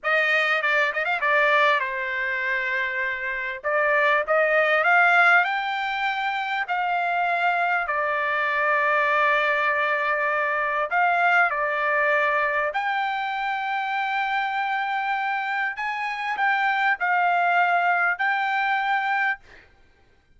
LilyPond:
\new Staff \with { instrumentName = "trumpet" } { \time 4/4 \tempo 4 = 99 dis''4 d''8 dis''16 f''16 d''4 c''4~ | c''2 d''4 dis''4 | f''4 g''2 f''4~ | f''4 d''2.~ |
d''2 f''4 d''4~ | d''4 g''2.~ | g''2 gis''4 g''4 | f''2 g''2 | }